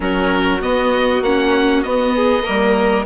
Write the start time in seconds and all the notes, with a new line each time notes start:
0.00 F#3 C#4 F#4 A#4
0.60 B3 D#5
1.21 A#3 C#4 F#5
1.83 B3 D#5
2.15 G#4
2.43 G3 A#3 A#4